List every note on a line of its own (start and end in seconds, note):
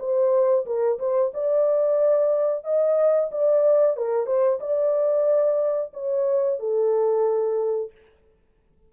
0.00 0.66 C5
0.66 0.99 A#4
1.00 1.32 C5
1.34 2.65 D5
2.65 3.31 D#5
3.32 3.97 D5
3.97 4.27 A#4
4.27 4.60 C5
4.61 5.93 D5
5.94 6.60 C#5
6.60 7.92 A4